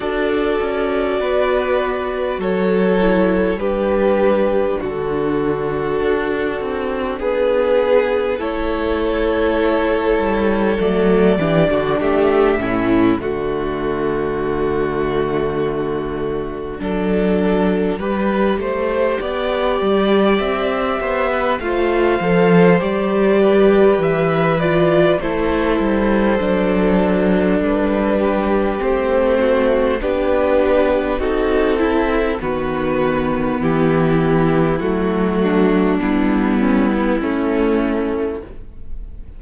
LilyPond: <<
  \new Staff \with { instrumentName = "violin" } { \time 4/4 \tempo 4 = 50 d''2 cis''4 b'4 | a'2 b'4 cis''4~ | cis''4 d''4 e''4 d''4~ | d''1~ |
d''4 e''4 f''4 d''4 | e''8 d''8 c''2 b'4 | c''4 b'4 a'4 b'4 | g'4 fis'4 e'2 | }
  \new Staff \with { instrumentName = "violin" } { \time 4/4 a'4 b'4 a'4 g'4 | fis'2 gis'4 a'4~ | a'4. g'16 fis'16 g'8 e'8 fis'4~ | fis'2 a'4 b'8 c''8 |
d''4. c''16 b'16 c''4. b'8~ | b'4 a'2~ a'8 g'8~ | g'8 fis'8 g'4 fis'8 e'8 fis'4 | e'4. d'4 cis'16 b16 cis'4 | }
  \new Staff \with { instrumentName = "viola" } { \time 4/4 fis'2~ fis'8 e'8 d'4~ | d'2. e'4~ | e'4 a8 d'4 cis'8 a4~ | a2 d'4 g'4~ |
g'2 f'8 a'8 g'4~ | g'8 f'8 e'4 d'2 | c'4 d'4 dis'8 e'8 b4~ | b4 a4 b4 a4 | }
  \new Staff \with { instrumentName = "cello" } { \time 4/4 d'8 cis'8 b4 fis4 g4 | d4 d'8 c'8 b4 a4~ | a8 g8 fis8 e16 d16 a8 a,8 d4~ | d2 fis4 g8 a8 |
b8 g8 c'8 b8 a8 f8 g4 | e4 a8 g8 fis4 g4 | a4 b4 c'4 dis4 | e4 fis4 g4 a4 | }
>>